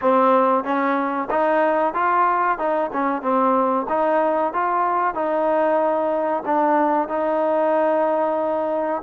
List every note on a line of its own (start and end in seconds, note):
0.01 0.64 C4
0.64 1.28 C#4
1.30 1.94 D#4
1.94 2.58 F4
2.58 2.90 D#4
2.92 3.22 C#4
3.22 3.86 C4
3.88 4.53 D#4
4.53 5.14 F4
5.14 6.43 D#4
6.45 7.08 D4
7.08 9.01 D#4